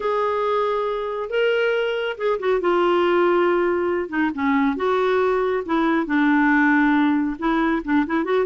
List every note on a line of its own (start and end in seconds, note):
0.00 1.29 G#4
1.29 2.16 A#4
2.17 2.39 G#4
2.39 2.60 F#4
2.60 4.09 F4
4.09 4.30 D#4
4.34 4.76 C#4
4.76 5.63 F#4
5.65 6.06 E4
6.06 7.37 D4
7.39 7.82 E4
7.84 8.06 D4
8.06 8.24 E4
8.24 8.46 F#4